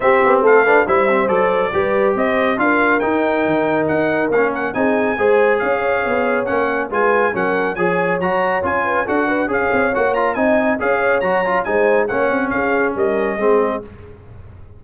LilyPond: <<
  \new Staff \with { instrumentName = "trumpet" } { \time 4/4 \tempo 4 = 139 e''4 f''4 e''4 d''4~ | d''4 dis''4 f''4 g''4~ | g''4 fis''4 f''8 fis''8 gis''4~ | gis''4 f''2 fis''4 |
gis''4 fis''4 gis''4 ais''4 | gis''4 fis''4 f''4 fis''8 ais''8 | gis''4 f''4 ais''4 gis''4 | fis''4 f''4 dis''2 | }
  \new Staff \with { instrumentName = "horn" } { \time 4/4 g'4 a'8 b'8 c''2 | b'4 c''4 ais'2~ | ais'2. gis'4 | c''4 cis''2. |
b'4 ais'4 cis''2~ | cis''8 b'8 a'8 b'8 cis''2 | dis''4 cis''2 c''4 | cis''4 gis'4 ais'4 gis'4 | }
  \new Staff \with { instrumentName = "trombone" } { \time 4/4 c'4. d'8 e'8 c'8 a'4 | g'2 f'4 dis'4~ | dis'2 cis'4 dis'4 | gis'2. cis'4 |
f'4 cis'4 gis'4 fis'4 | f'4 fis'4 gis'4 fis'8 f'8 | dis'4 gis'4 fis'8 f'8 dis'4 | cis'2. c'4 | }
  \new Staff \with { instrumentName = "tuba" } { \time 4/4 c'8 b8 a4 g4 fis4 | g4 c'4 d'4 dis'4 | dis4 dis'4 ais4 c'4 | gis4 cis'4 b4 ais4 |
gis4 fis4 f4 fis4 | cis'4 d'4 cis'8 c'8 ais4 | c'4 cis'4 fis4 gis4 | ais8 c'8 cis'4 g4 gis4 | }
>>